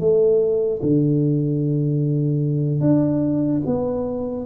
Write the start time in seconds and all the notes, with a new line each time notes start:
0.00 A3
0.83 D3
2.81 D4
3.66 B3